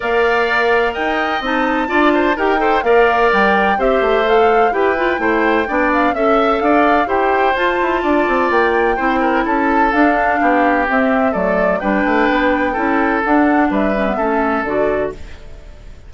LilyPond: <<
  \new Staff \with { instrumentName = "flute" } { \time 4/4 \tempo 4 = 127 f''2 g''4 a''4~ | a''4 g''4 f''4 g''4 | e''4 f''4 g''2~ | g''8 f''8 e''4 f''4 g''4 |
a''2 g''2 | a''4 f''2 e''4 | d''4 g''2. | fis''4 e''2 d''4 | }
  \new Staff \with { instrumentName = "oboe" } { \time 4/4 d''2 dis''2 | d''8 c''8 ais'8 c''8 d''2 | c''2 b'4 c''4 | d''4 e''4 d''4 c''4~ |
c''4 d''2 c''8 ais'8 | a'2 g'2 | a'4 b'2 a'4~ | a'4 b'4 a'2 | }
  \new Staff \with { instrumentName = "clarinet" } { \time 4/4 ais'2. dis'4 | f'4 g'8 a'8 ais'2 | g'4 a'4 g'8 f'8 e'4 | d'4 a'2 g'4 |
f'2. e'4~ | e'4 d'2 c'4 | a4 d'2 e'4 | d'4. cis'16 b16 cis'4 fis'4 | }
  \new Staff \with { instrumentName = "bassoon" } { \time 4/4 ais2 dis'4 c'4 | d'4 dis'4 ais4 g4 | c'8 a4. e'4 a4 | b4 cis'4 d'4 e'4 |
f'8 e'8 d'8 c'8 ais4 c'4 | cis'4 d'4 b4 c'4 | fis4 g8 a8 b4 cis'4 | d'4 g4 a4 d4 | }
>>